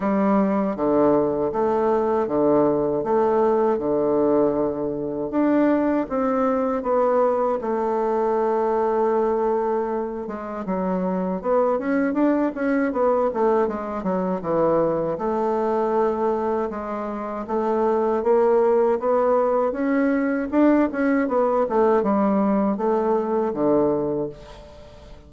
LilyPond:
\new Staff \with { instrumentName = "bassoon" } { \time 4/4 \tempo 4 = 79 g4 d4 a4 d4 | a4 d2 d'4 | c'4 b4 a2~ | a4. gis8 fis4 b8 cis'8 |
d'8 cis'8 b8 a8 gis8 fis8 e4 | a2 gis4 a4 | ais4 b4 cis'4 d'8 cis'8 | b8 a8 g4 a4 d4 | }